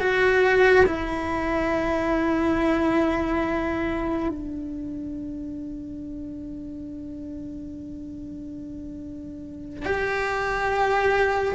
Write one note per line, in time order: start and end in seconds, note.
0.00 0.86 F#4
0.86 4.29 E4
4.29 9.85 D4
9.85 11.55 G4